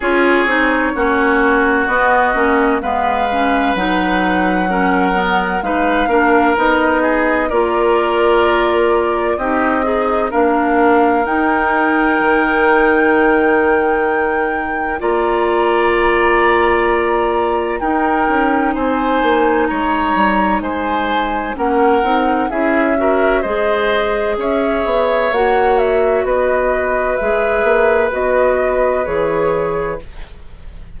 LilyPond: <<
  \new Staff \with { instrumentName = "flute" } { \time 4/4 \tempo 4 = 64 cis''2 dis''4 f''4 | fis''2 f''4 dis''4 | d''2 dis''4 f''4 | g''1 |
ais''2. g''4 | gis''4 ais''4 gis''4 fis''4 | e''4 dis''4 e''4 fis''8 e''8 | dis''4 e''4 dis''4 cis''4 | }
  \new Staff \with { instrumentName = "oboe" } { \time 4/4 gis'4 fis'2 b'4~ | b'4 ais'4 b'8 ais'4 gis'8 | ais'2 g'8 dis'8 ais'4~ | ais'1 |
d''2. ais'4 | c''4 cis''4 c''4 ais'4 | gis'8 ais'8 c''4 cis''2 | b'1 | }
  \new Staff \with { instrumentName = "clarinet" } { \time 4/4 f'8 dis'8 cis'4 b8 cis'8 b8 cis'8 | dis'4 cis'8 b8 dis'8 d'8 dis'4 | f'2 dis'8 gis'8 d'4 | dis'1 |
f'2. dis'4~ | dis'2. cis'8 dis'8 | e'8 fis'8 gis'2 fis'4~ | fis'4 gis'4 fis'4 gis'4 | }
  \new Staff \with { instrumentName = "bassoon" } { \time 4/4 cis'8 c'8 ais4 b8 ais8 gis4 | fis2 gis8 ais8 b4 | ais2 c'4 ais4 | dis'4 dis2. |
ais2. dis'8 cis'8 | c'8 ais8 gis8 g8 gis4 ais8 c'8 | cis'4 gis4 cis'8 b8 ais4 | b4 gis8 ais8 b4 e4 | }
>>